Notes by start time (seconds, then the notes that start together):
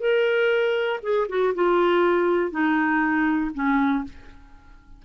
0.00 A#4
1.03 G#4
1.29 F#4
1.55 F4
2.51 D#4
3.55 C#4